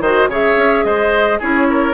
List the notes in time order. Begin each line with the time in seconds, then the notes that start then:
0.00 D#3 F#4 C5 D#5
0.28 C#3 G#4 C#5 E5
0.57 C#4
0.84 G#3 C5 D#5
1.39 C#4 E4 G#4 C#5
1.69 A#4